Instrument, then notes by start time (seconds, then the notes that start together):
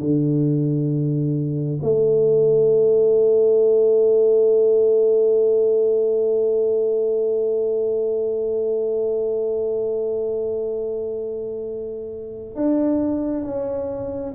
tuba
0.00 D3
1.82 A3
12.55 D4
13.43 C#4